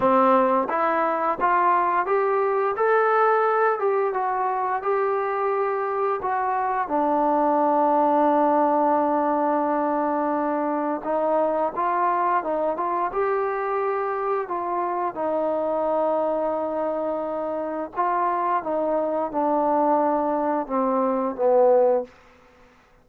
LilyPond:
\new Staff \with { instrumentName = "trombone" } { \time 4/4 \tempo 4 = 87 c'4 e'4 f'4 g'4 | a'4. g'8 fis'4 g'4~ | g'4 fis'4 d'2~ | d'1 |
dis'4 f'4 dis'8 f'8 g'4~ | g'4 f'4 dis'2~ | dis'2 f'4 dis'4 | d'2 c'4 b4 | }